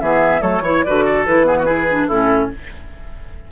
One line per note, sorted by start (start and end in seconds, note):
0.00 0.42 E3
0.00 0.40 B3
0.00 0.41 G#4
0.00 0.42 E5
0.40 0.61 F#3
0.40 0.61 A3
0.40 0.62 A4
0.40 0.84 C#5
0.61 0.82 E3
0.61 0.85 E4
0.61 0.84 C#5
0.84 1.27 D3
0.84 1.27 F#4
0.84 1.05 B4
0.84 1.25 D5
1.05 1.46 A4
1.26 2.10 E3
1.26 1.45 E4
1.26 2.08 B4
1.45 1.66 B3
1.45 1.57 G#4
1.58 1.65 F#4
1.65 1.86 E4
1.65 2.07 G#4
1.90 2.10 D4
2.07 2.51 A2
2.07 2.51 C#4
2.07 2.49 E4
2.07 2.49 A4